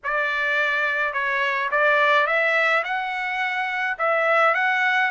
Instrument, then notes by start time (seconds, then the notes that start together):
trumpet
0.03 D5
1.13 C#5
1.71 D5
2.26 E5
2.84 F#5
3.98 E5
4.54 F#5